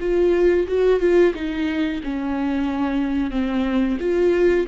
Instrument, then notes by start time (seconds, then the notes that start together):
viola
0.00 F4
0.68 F#4
1.00 F4
1.34 D#4
2.04 C#4
3.31 C4
4.00 F4